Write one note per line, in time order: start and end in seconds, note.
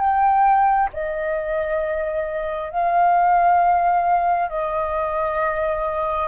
0.00 0.90 G5
0.94 2.70 D#5
2.70 4.49 F5
4.49 6.28 D#5